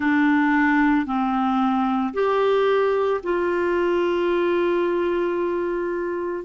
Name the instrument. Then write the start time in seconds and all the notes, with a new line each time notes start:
clarinet
0.00 D4
1.06 C4
2.13 G4
3.23 F4